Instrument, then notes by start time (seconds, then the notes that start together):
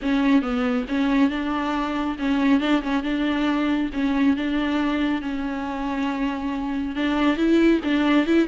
viola
0.01 C#4
0.42 B3
0.88 C#4
1.29 D4
2.19 C#4
2.60 D4
2.82 C#4
3.03 D4
3.93 C#4
4.36 D4
5.21 C#4
6.95 D4
7.37 E4
7.84 D4
8.26 E4